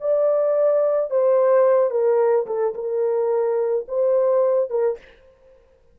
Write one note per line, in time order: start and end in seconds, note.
0.00 1.10 D5
1.10 1.90 C5
1.90 2.45 A#4
2.46 2.74 A4
2.74 3.85 A#4
3.88 4.70 C5
4.70 4.97 A#4